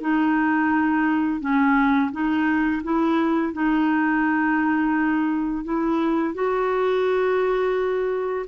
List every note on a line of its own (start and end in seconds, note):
0.00 1.40 D#4
1.40 2.10 C#4
2.11 2.82 D#4
2.83 3.53 E4
3.53 5.64 D#4
5.64 6.34 E4
6.34 8.45 F#4